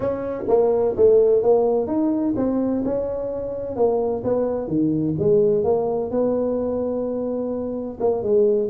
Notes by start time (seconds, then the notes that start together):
0.00 C#4
0.48 A#3
0.96 A3
1.42 A#3
1.87 D#4
2.36 C4
2.84 C#4
3.76 A#3
4.24 B3
4.67 D#3
5.18 G#3
5.64 A#3
6.10 B3
7.99 A#3
8.22 G#3